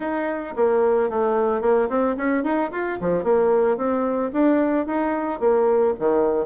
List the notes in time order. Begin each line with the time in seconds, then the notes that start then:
0.00 D#4
0.56 A#3
1.09 A3
1.61 A#3
1.89 C4
2.16 C#4
2.43 D#4
2.71 F4
3.00 F3
3.23 A#3
3.77 C4
4.32 D4
4.86 D#4
5.40 A#3
5.99 D#3